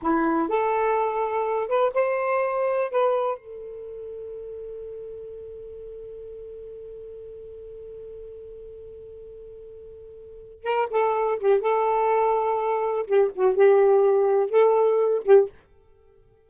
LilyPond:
\new Staff \with { instrumentName = "saxophone" } { \time 4/4 \tempo 4 = 124 e'4 a'2~ a'8 b'8 | c''2 b'4 a'4~ | a'1~ | a'1~ |
a'1~ | a'2 ais'8 a'4 g'8 | a'2. g'8 fis'8 | g'2 a'4. g'8 | }